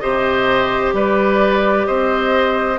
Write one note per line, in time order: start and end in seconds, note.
0.00 0.93 C3
0.00 2.77 G4
0.00 0.94 C5
0.00 0.92 D#5
0.93 1.85 G3
0.93 1.87 B4
0.93 1.86 D5
1.86 2.78 C4
1.86 2.78 C5
1.86 2.78 D#5